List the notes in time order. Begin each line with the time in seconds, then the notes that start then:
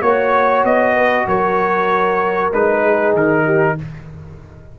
0.00 A#3 F#4 C#5
0.64 B3 D#5
0.96 B4
1.27 F#3 A#4 C#5
2.52 G#3 D#4 B4
2.83 G#4
3.14 D#3 A#4
3.45 G4